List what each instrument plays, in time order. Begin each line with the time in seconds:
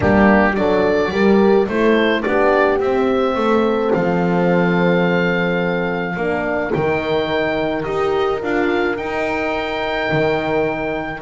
0.00 double bass G3, horn A#3 D4, oboe G4
0.54 double bass F#3, horn D4 A4, oboe D5
1.10 double bass G3, horn G4 A#4
1.68 double bass A3, horn E4 A4, oboe C5
2.22 double bass B3, horn D4 G4, oboe D5
2.79 double bass C4, horn C4, oboe E5
3.34 double bass A3, horn A4
3.93 double bass F3, oboe F5
6.16 double bass A#3, horn D4 A#4
6.72 double bass D#3, horn D#4, oboe G5
7.83 double bass D#4, horn G4, oboe D#5
8.41 double bass D4, horn F4, oboe F5
8.96 horn D#4, double bass D#4, oboe G5
10.11 double bass D#3